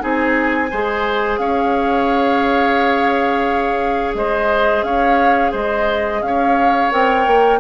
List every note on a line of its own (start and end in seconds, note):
0.00 0.72 C4
0.00 0.69 D#4
0.00 0.71 G#4
0.00 1.38 G#5
0.71 1.39 G#3
0.71 6.92 G#4
0.71 1.40 C5
1.38 4.15 C#4
1.38 4.17 C#5
1.38 4.14 F5
4.15 4.83 G#3
4.15 4.86 C5
4.15 4.84 D#5
4.83 5.52 C#4
4.83 5.52 C#5
4.83 5.53 F5
5.52 6.22 G#3
5.52 6.21 C5
5.52 6.23 D#5
6.22 6.91 C#4
6.22 7.60 C#5
6.22 6.92 F5
6.92 7.27 C4
6.92 7.60 A#4
6.92 7.60 G5
7.27 7.60 A#3